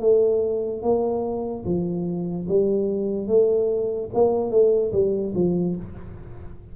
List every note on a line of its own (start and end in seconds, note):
0.00 0.82 A3
0.83 1.65 A#3
1.65 2.47 F3
2.48 3.28 G3
3.28 4.10 A3
4.14 4.51 A#3
4.51 4.92 A3
4.92 5.33 G3
5.35 5.76 F3